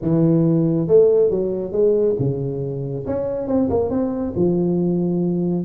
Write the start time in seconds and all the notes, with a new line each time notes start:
0.02 E3
0.87 A3
1.30 F#3
1.72 G#3
2.19 C#3
3.06 C#4
3.47 C4
3.69 A#3
3.90 C4
4.36 F3